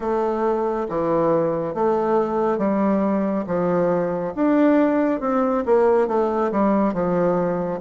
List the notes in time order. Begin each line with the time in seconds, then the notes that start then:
0.00 A3
0.88 E3
1.74 A3
2.58 G3
3.47 F3
4.35 D4
5.20 C4
5.65 A#3
6.07 A3
6.51 G3
6.93 F3